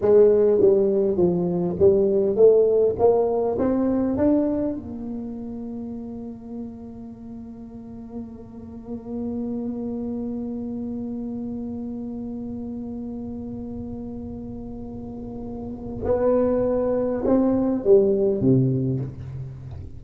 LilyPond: \new Staff \with { instrumentName = "tuba" } { \time 4/4 \tempo 4 = 101 gis4 g4 f4 g4 | a4 ais4 c'4 d'4 | ais1~ | ais1~ |
ais1~ | ais1~ | ais2. b4~ | b4 c'4 g4 c4 | }